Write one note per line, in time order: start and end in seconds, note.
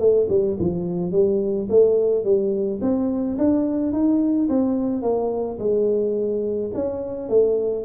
0.00 0.28 A3
0.30 0.58 G3
0.60 1.12 F3
1.12 1.68 G3
1.70 2.25 A3
2.25 2.81 G3
2.82 3.38 C4
3.38 3.93 D4
3.93 4.49 D#4
4.49 5.02 C4
5.02 5.58 A#3
5.59 6.71 G#3
6.75 7.29 C#4
7.29 7.86 A3